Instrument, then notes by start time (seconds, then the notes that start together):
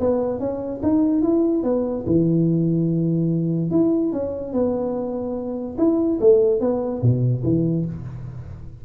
tuba
0.00 B3
0.40 C#4
0.83 D#4
1.22 E4
1.63 B3
2.07 E3
3.71 E4
4.13 C#4
4.53 B3
5.78 E4
6.21 A3
6.61 B3
7.02 B2
7.44 E3